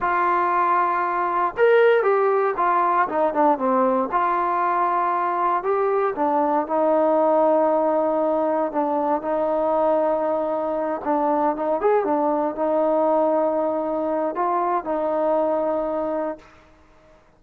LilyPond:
\new Staff \with { instrumentName = "trombone" } { \time 4/4 \tempo 4 = 117 f'2. ais'4 | g'4 f'4 dis'8 d'8 c'4 | f'2. g'4 | d'4 dis'2.~ |
dis'4 d'4 dis'2~ | dis'4. d'4 dis'8 gis'8 d'8~ | d'8 dis'2.~ dis'8 | f'4 dis'2. | }